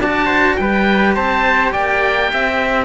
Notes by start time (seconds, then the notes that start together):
0.00 D4 F#4 D5 A5
0.27 C5
0.57 G3 G4 B4 G5
1.15 C4 C5 A5
1.73 A#3 D5 G5
2.34 C4 E5